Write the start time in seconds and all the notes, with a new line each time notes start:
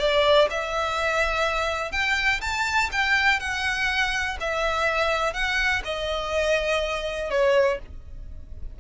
0.00 D5
0.51 E5
1.92 G5
2.41 A5
2.92 G5
3.40 F#5
4.40 E5
5.34 F#5
5.85 D#5
7.31 C#5